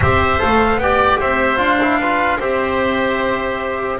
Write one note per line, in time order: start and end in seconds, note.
0.00 0.38 C4
0.00 0.39 G4
0.00 0.80 C5
0.00 0.41 E5
0.39 0.76 A3
0.39 0.79 A4
0.39 0.79 F5
0.76 1.16 B3
0.76 1.56 G4
0.76 1.19 D5
0.76 1.19 G5
1.19 1.58 C4
1.19 1.99 C5
1.19 1.60 E5
1.56 2.38 D4
1.56 1.76 F4
1.56 2.40 F5
1.81 2.01 E4
1.99 2.40 F4
1.99 2.39 B4
2.39 3.99 C4
2.39 3.99 G4
2.39 3.99 C5
2.39 3.99 E5